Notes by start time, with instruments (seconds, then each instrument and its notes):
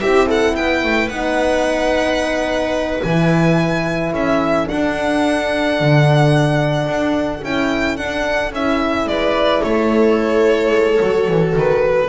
0.00 double bass C4, horn E4, viola G4, violin E5
0.26 viola A4, violin F#5
0.55 double bass B3, viola B4, violin G5
0.84 double bass A3
1.08 double bass B3, horn D#4, violin F#5
3.02 double bass E3, horn E4, violin G#5
4.12 double bass C#4, viola A4, violin E5
4.66 horn D4, double bass D4, violin F#5
5.80 double bass D3
6.86 double bass D4
7.43 double bass C#4, horn E4, violin G5
7.96 double bass D4, horn D4, violin F#5
8.52 double bass C#4, horn E4, violin E5
9.05 double bass G#3, viola B4, violin D5
9.62 double bass A3, viola A4, violin C#5
10.71 double bass G#3
11.01 double bass F#3, horn F#4
11.27 double bass E3
11.56 double bass D#3, violin B4